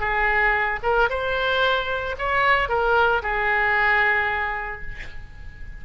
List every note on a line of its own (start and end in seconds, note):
0.00 0.80 G#4
0.83 1.09 A#4
1.10 2.16 C5
2.18 2.69 C#5
2.69 3.22 A#4
3.22 4.82 G#4